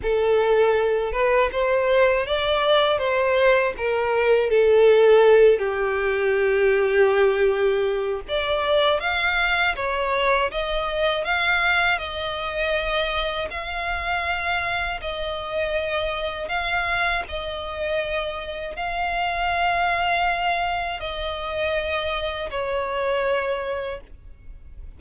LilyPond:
\new Staff \with { instrumentName = "violin" } { \time 4/4 \tempo 4 = 80 a'4. b'8 c''4 d''4 | c''4 ais'4 a'4. g'8~ | g'2. d''4 | f''4 cis''4 dis''4 f''4 |
dis''2 f''2 | dis''2 f''4 dis''4~ | dis''4 f''2. | dis''2 cis''2 | }